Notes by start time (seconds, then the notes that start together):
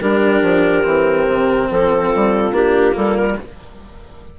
0.00 G3 D4 G4 A#4
0.42 F3
0.83 E3 C4
1.27 C3
1.71 F3 F4 A4
2.15 G3
2.52 A#3 D4 G4
2.92 G3 A#3 A4
3.17 A#4